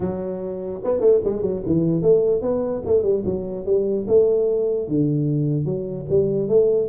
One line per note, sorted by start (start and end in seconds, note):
0.00 0.81 F#3
0.83 1.00 B3
1.00 1.20 A3
1.24 1.42 G#3
1.42 1.62 F#3
1.65 2.02 E3
2.02 2.41 A3
2.41 2.82 B3
2.85 3.02 A3
3.02 3.23 G3
3.25 3.65 F#3
3.65 4.06 G3
4.07 4.88 A3
4.88 5.65 D3
5.65 6.05 F#3
6.09 6.48 G3
6.48 6.88 A3